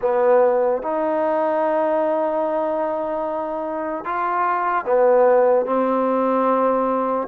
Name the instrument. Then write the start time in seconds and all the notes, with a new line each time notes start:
trombone
0.01 B3
0.82 D#4
4.04 F4
4.85 B3
5.65 C4